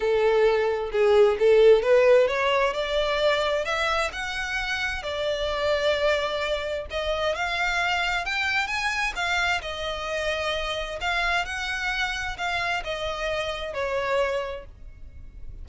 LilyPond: \new Staff \with { instrumentName = "violin" } { \time 4/4 \tempo 4 = 131 a'2 gis'4 a'4 | b'4 cis''4 d''2 | e''4 fis''2 d''4~ | d''2. dis''4 |
f''2 g''4 gis''4 | f''4 dis''2. | f''4 fis''2 f''4 | dis''2 cis''2 | }